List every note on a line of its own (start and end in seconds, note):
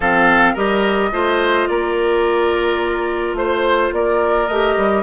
0.00 0.55 F3
0.00 0.56 C4
0.00 0.53 A4
0.00 0.56 F5
0.53 1.11 G3
0.53 1.11 G4
0.53 1.09 A#4
0.53 1.67 D#5
1.11 1.68 A3
1.11 4.48 F4
1.11 1.68 C5
1.67 3.34 A#3
1.67 3.38 A#4
1.67 3.35 D5
3.34 3.90 A3
3.34 3.93 C5
3.34 3.94 C5
3.92 4.48 A#3
3.92 5.03 A#4
3.92 4.47 D5
4.47 4.76 A3
4.47 5.03 G4
4.47 5.03 D#5
4.77 5.03 G3